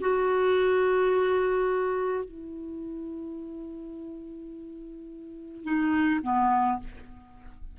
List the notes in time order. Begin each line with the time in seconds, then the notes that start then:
0.00 F#4
2.24 E4
5.63 D#4
6.22 B3